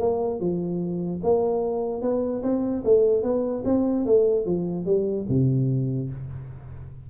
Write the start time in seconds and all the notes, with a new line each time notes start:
0.00 A#3
0.41 F3
1.23 A#3
2.02 B3
2.43 C4
2.85 A3
3.23 B3
3.65 C4
4.06 A3
4.46 F3
4.86 G3
5.29 C3